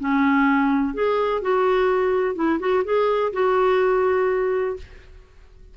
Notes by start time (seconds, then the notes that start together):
0.00 C#4
0.94 G#4
1.42 F#4
2.36 E4
2.60 F#4
2.85 G#4
3.33 F#4